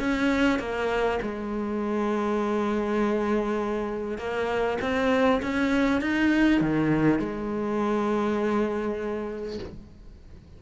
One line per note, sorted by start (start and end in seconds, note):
0.00 0.59 C#4
0.59 1.19 A#3
1.22 4.18 G#3
4.18 4.78 A#3
4.81 5.41 C4
5.42 6.01 C#4
6.01 6.61 D#4
6.61 7.19 D#3
7.19 9.59 G#3